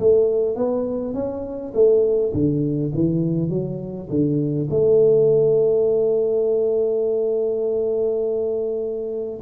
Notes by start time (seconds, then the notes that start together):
0.00 A3
0.56 B3
1.14 C#4
1.75 A3
2.34 D3
2.95 E3
3.50 F#3
4.10 D3
4.71 A3